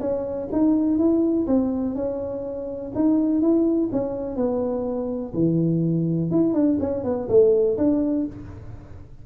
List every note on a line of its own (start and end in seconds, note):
0.00 0.48 C#4
0.52 0.98 D#4
0.98 1.46 E4
1.47 1.95 C4
1.95 2.92 C#4
2.95 3.41 D#4
3.41 3.90 E4
3.92 4.36 C#4
4.36 5.33 B3
5.34 6.31 E3
6.31 6.54 E4
6.54 6.78 D4
6.80 7.04 C#4
7.04 7.28 B3
7.29 7.77 A3
7.78 8.26 D4